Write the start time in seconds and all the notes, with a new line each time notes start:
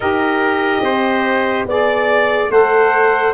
0.00 D#4 G4 A#4 D#5
0.81 C4 C5
1.65 B3 G#4 D5
2.49 A3 A4 C5 F#5